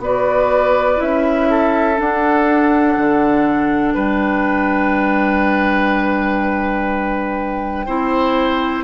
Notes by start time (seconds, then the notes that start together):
0.00 B3 F#4 B4 D5
0.97 C#4 E4 E5
1.50 A4
1.96 D4 F#5
2.98 D3
3.91 G3 B4 G5
7.86 C4 E4 C5